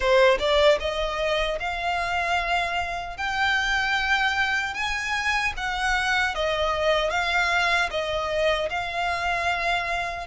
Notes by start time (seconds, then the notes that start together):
0.00 C5
0.39 D5
0.80 D#5
1.59 F5
3.17 G5
4.74 G#5
5.57 F#5
6.34 D#5
7.10 F5
7.90 D#5
8.69 F5